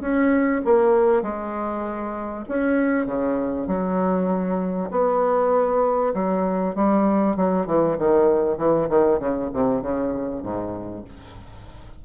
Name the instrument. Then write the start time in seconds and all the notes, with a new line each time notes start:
bassoon
0.00 C#4
0.65 A#3
1.22 G#3
2.48 C#4
3.06 C#3
3.67 F#3
4.91 B3
6.14 F#3
6.75 G3
7.36 F#3
7.66 E3
7.98 D#3
8.57 E3
8.89 D#3
9.19 C#3
9.53 C3
9.81 C#3
10.42 G#2